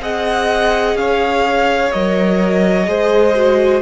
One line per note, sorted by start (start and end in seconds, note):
0.00 0.95 C4
0.00 1.91 G#4
0.00 0.97 D#5
0.00 0.97 F#5
0.95 1.90 C#4
0.95 2.89 C#5
0.95 1.91 F5
1.91 2.87 F#3
1.91 2.84 A#4
1.91 3.82 D#5
2.84 3.82 G#3
2.84 3.31 G#4
2.84 3.82 C5
3.35 3.82 F#4